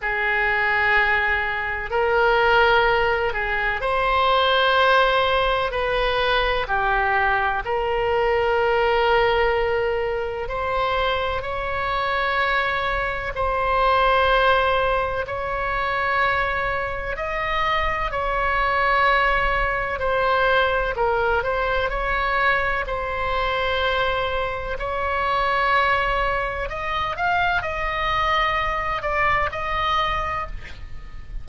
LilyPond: \new Staff \with { instrumentName = "oboe" } { \time 4/4 \tempo 4 = 63 gis'2 ais'4. gis'8 | c''2 b'4 g'4 | ais'2. c''4 | cis''2 c''2 |
cis''2 dis''4 cis''4~ | cis''4 c''4 ais'8 c''8 cis''4 | c''2 cis''2 | dis''8 f''8 dis''4. d''8 dis''4 | }